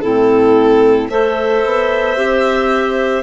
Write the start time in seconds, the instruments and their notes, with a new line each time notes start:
0.00 bassoon A2, clarinet C4 E4, violin A4
1.09 bassoon A3, clarinet A4 C5, violin E5
1.64 bassoon B3
2.16 bassoon C4, clarinet G4